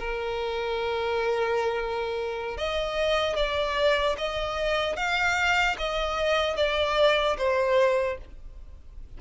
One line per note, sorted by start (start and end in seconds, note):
0.00 2.58 A#4
2.58 3.37 D#5
3.37 4.17 D5
4.18 4.96 D#5
4.96 5.76 F5
5.79 6.57 D#5
6.57 7.37 D5
7.38 8.18 C5